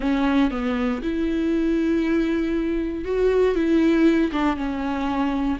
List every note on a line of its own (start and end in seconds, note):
0.00 0.50 C#4
0.50 1.01 B3
1.01 3.05 E4
3.05 3.55 F#4
3.55 4.31 E4
4.32 4.56 D4
4.56 5.57 C#4